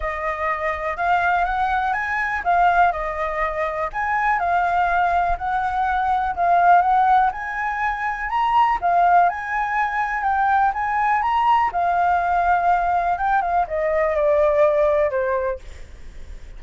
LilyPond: \new Staff \with { instrumentName = "flute" } { \time 4/4 \tempo 4 = 123 dis''2 f''4 fis''4 | gis''4 f''4 dis''2 | gis''4 f''2 fis''4~ | fis''4 f''4 fis''4 gis''4~ |
gis''4 ais''4 f''4 gis''4~ | gis''4 g''4 gis''4 ais''4 | f''2. g''8 f''8 | dis''4 d''2 c''4 | }